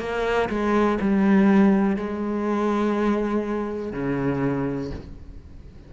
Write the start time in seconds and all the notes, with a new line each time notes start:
0.00 A#3
0.50 G#3
1.01 G3
1.97 G#3
3.93 C#3